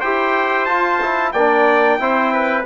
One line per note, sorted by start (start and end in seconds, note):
0.00 0.69 E4
0.00 0.67 G4
0.00 1.32 C5
0.00 0.65 G5
0.65 1.00 F4
0.65 1.33 F4
0.65 1.31 A5
1.01 1.34 E4
1.32 1.99 A#3
1.32 1.99 D4
1.32 1.99 D5
1.32 2.64 G5
1.99 2.65 C4
1.99 2.65 E4
1.99 2.33 C5
2.33 2.65 B4